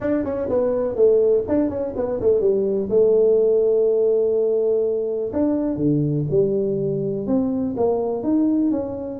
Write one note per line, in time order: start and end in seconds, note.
0.00 0.24 D4
0.24 0.48 C#4
0.49 0.95 B3
0.95 1.44 A3
1.48 1.69 D4
1.69 1.93 C#4
1.96 2.20 B3
2.20 2.40 A3
2.40 2.88 G3
2.89 5.31 A3
5.32 5.76 D4
5.76 6.24 D3
6.30 7.26 G3
7.26 7.75 C4
7.76 8.23 A#3
8.23 8.71 D#4
8.71 9.19 C#4